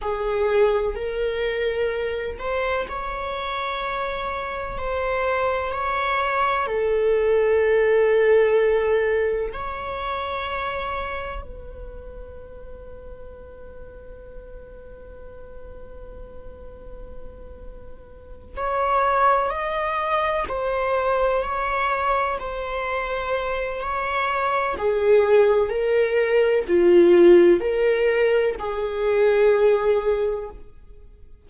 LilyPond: \new Staff \with { instrumentName = "viola" } { \time 4/4 \tempo 4 = 63 gis'4 ais'4. c''8 cis''4~ | cis''4 c''4 cis''4 a'4~ | a'2 cis''2 | b'1~ |
b'2.~ b'8 cis''8~ | cis''8 dis''4 c''4 cis''4 c''8~ | c''4 cis''4 gis'4 ais'4 | f'4 ais'4 gis'2 | }